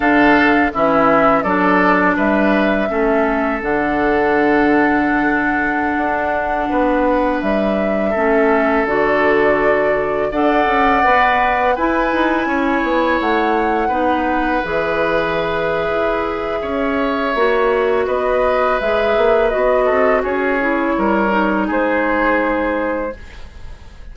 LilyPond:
<<
  \new Staff \with { instrumentName = "flute" } { \time 4/4 \tempo 4 = 83 f''4 e''4 d''4 e''4~ | e''4 fis''2.~ | fis''2~ fis''16 e''4.~ e''16~ | e''16 d''2 fis''4.~ fis''16~ |
fis''16 gis''2 fis''4.~ fis''16~ | fis''16 e''2.~ e''8.~ | e''4 dis''4 e''4 dis''4 | cis''2 c''2 | }
  \new Staff \with { instrumentName = "oboe" } { \time 4/4 a'4 e'4 a'4 b'4 | a'1~ | a'4~ a'16 b'2 a'8.~ | a'2~ a'16 d''4.~ d''16~ |
d''16 b'4 cis''2 b'8.~ | b'2. cis''4~ | cis''4 b'2~ b'8 a'8 | gis'4 ais'4 gis'2 | }
  \new Staff \with { instrumentName = "clarinet" } { \time 4/4 d'4 cis'4 d'2 | cis'4 d'2.~ | d'2.~ d'16 cis'8.~ | cis'16 fis'2 a'4 b'8.~ |
b'16 e'2. dis'8.~ | dis'16 gis'2.~ gis'8. | fis'2 gis'4 fis'4~ | fis'8 e'4 dis'2~ dis'8 | }
  \new Staff \with { instrumentName = "bassoon" } { \time 4/4 d4 e4 fis4 g4 | a4 d2.~ | d16 d'4 b4 g4 a8.~ | a16 d2 d'8 cis'8 b8.~ |
b16 e'8 dis'8 cis'8 b8 a4 b8.~ | b16 e4.~ e16 e'4 cis'4 | ais4 b4 gis8 ais8 b8 c'8 | cis'4 g4 gis2 | }
>>